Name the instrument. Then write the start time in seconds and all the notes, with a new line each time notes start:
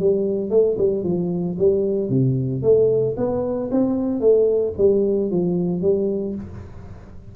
tuba
0.00 G3
0.50 A3
0.78 G3
1.04 F3
1.59 G3
2.09 C3
2.63 A3
3.17 B3
3.71 C4
4.21 A3
4.78 G3
5.31 F3
5.82 G3